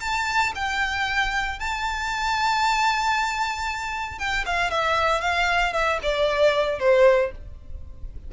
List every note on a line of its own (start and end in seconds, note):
0.00 0.52 A5
0.55 1.59 G5
1.59 4.18 A5
4.18 4.44 G5
4.46 4.70 F5
4.70 5.21 E5
5.21 5.73 F5
5.73 5.99 E5
6.02 6.79 D5
6.79 7.31 C5